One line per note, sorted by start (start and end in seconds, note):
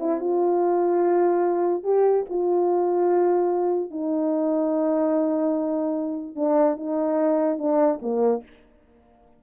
0.00 0.21 E4
0.21 1.84 F4
1.84 2.25 G4
2.30 3.91 F4
3.91 6.35 D#4
6.35 6.77 D4
6.77 7.58 D#4
7.58 8.00 D4
8.02 8.43 A#3